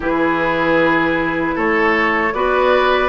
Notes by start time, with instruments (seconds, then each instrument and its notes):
0.00 bassoon E3, clarinet E4, oboe G#4, flute B4
1.55 bassoon A3, oboe A4, flute C#5
2.33 bassoon B3, clarinet F#4, oboe B4, flute D5